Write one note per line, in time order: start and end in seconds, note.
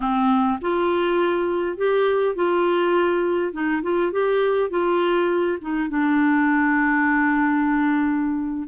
0.00 0.59 C4
0.61 1.77 F4
1.77 2.35 G4
2.35 3.52 F4
3.52 3.82 D#4
3.82 4.11 F4
4.12 4.70 G4
4.70 5.58 F4
5.61 5.89 D#4
5.89 8.68 D4